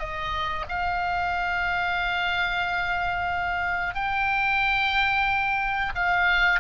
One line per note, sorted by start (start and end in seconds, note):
0.00 0.66 D#5
0.69 3.95 F5
3.95 5.93 G5
5.96 6.60 F5